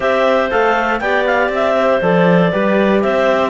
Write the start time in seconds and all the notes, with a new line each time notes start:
0.00 C4 G4 C5 E5
0.50 A3 A4 F5
0.99 B3 G4 D5 G5
1.26 F5
1.48 C4 E5
1.76 C5
2.01 F3 A4 D5
2.52 G3 G4 B4
3.02 C4 C5 E5